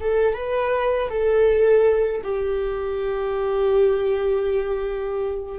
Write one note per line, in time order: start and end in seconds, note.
0.00 0.34 A4
0.34 1.09 B4
1.09 2.22 A4
2.23 5.58 G4